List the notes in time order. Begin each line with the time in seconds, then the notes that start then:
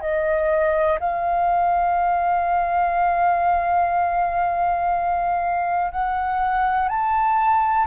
0.00 D#5
0.99 F5
5.91 F#5
6.88 A5